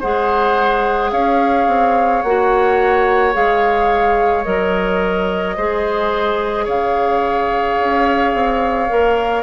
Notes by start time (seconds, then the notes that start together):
0.00 G#3 G#4 C5 F#5
1.11 C#4 C#5 F5
1.68 C4
2.23 A#3 F#4 F#5
3.33 G#3 G#4 F5
4.44 F#3 A#4 D#5
5.57 G#3 G#4 C5
6.65 C#3 C#5 F5
7.79 C#4
8.34 C4
8.89 A#3 A#4